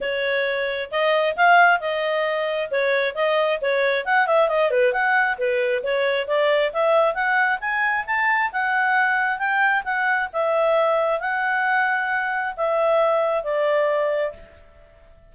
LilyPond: \new Staff \with { instrumentName = "clarinet" } { \time 4/4 \tempo 4 = 134 cis''2 dis''4 f''4 | dis''2 cis''4 dis''4 | cis''4 fis''8 e''8 dis''8 b'8 fis''4 | b'4 cis''4 d''4 e''4 |
fis''4 gis''4 a''4 fis''4~ | fis''4 g''4 fis''4 e''4~ | e''4 fis''2. | e''2 d''2 | }